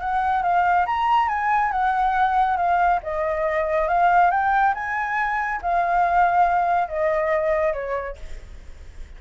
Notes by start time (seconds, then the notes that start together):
0.00 F#5
0.43 F5
0.86 A#5
1.29 G#5
1.72 F#5
2.57 F5
3.03 D#5
3.88 F5
4.31 G5
4.75 G#5
5.62 F5
6.89 D#5
7.73 C#5